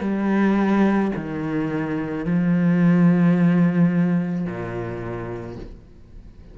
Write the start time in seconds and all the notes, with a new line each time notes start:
0.00 G3
1.15 D#3
2.25 F3
4.45 A#2